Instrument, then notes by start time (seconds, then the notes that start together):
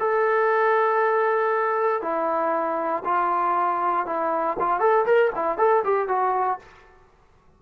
trombone
0.00 A4
2.02 E4
3.05 F4
4.07 E4
4.60 F4
4.81 A4
5.06 A#4
5.36 E4
5.58 A4
5.85 G4
6.09 F#4